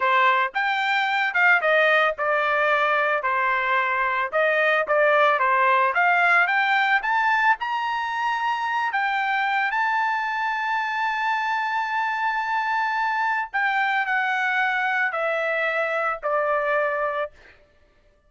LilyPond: \new Staff \with { instrumentName = "trumpet" } { \time 4/4 \tempo 4 = 111 c''4 g''4. f''8 dis''4 | d''2 c''2 | dis''4 d''4 c''4 f''4 | g''4 a''4 ais''2~ |
ais''8 g''4. a''2~ | a''1~ | a''4 g''4 fis''2 | e''2 d''2 | }